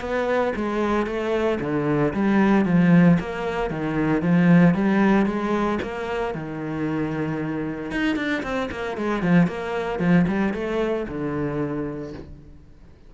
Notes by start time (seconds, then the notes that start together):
0.00 B3
0.55 G#3
1.06 A3
1.60 D3
2.13 G3
2.65 F3
3.19 A#3
3.70 D#3
4.22 F3
4.74 G3
5.26 G#3
5.82 A#3
6.34 D#3
7.91 D#4
8.16 D4
8.43 C4
8.71 A#3
8.97 G#3
9.22 F3
9.47 A#3
9.99 F3
10.27 G3
10.53 A3
11.08 D3